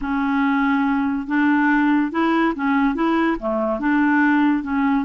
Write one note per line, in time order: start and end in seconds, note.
0.01 1.27 C#4
1.27 2.11 D4
2.11 2.54 E4
2.55 2.94 C#4
2.94 3.36 E4
3.39 3.79 A3
3.79 4.63 D4
4.63 5.05 C#4